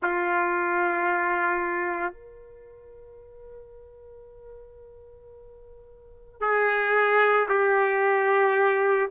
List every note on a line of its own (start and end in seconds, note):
0.02 2.12 F4
2.12 6.40 A#4
6.40 7.47 G#4
7.48 9.09 G4